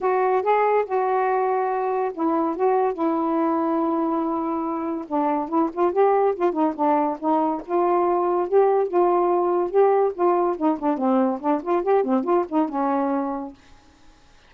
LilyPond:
\new Staff \with { instrumentName = "saxophone" } { \time 4/4 \tempo 4 = 142 fis'4 gis'4 fis'2~ | fis'4 e'4 fis'4 e'4~ | e'1 | d'4 e'8 f'8 g'4 f'8 dis'8 |
d'4 dis'4 f'2 | g'4 f'2 g'4 | f'4 dis'8 d'8 c'4 d'8 f'8 | g'8 c'8 f'8 dis'8 cis'2 | }